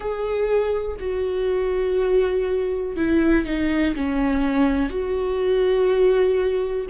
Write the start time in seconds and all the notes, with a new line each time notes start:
0.00 G#4
0.99 F#4
2.96 E4
3.45 D#4
3.95 C#4
4.89 F#4